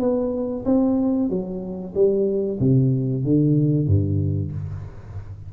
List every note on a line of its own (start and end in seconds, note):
0.00 0.65 B3
0.65 1.30 C4
1.30 1.94 F#3
1.95 2.59 G3
2.60 3.24 C3
3.24 3.87 D3
3.87 4.52 G2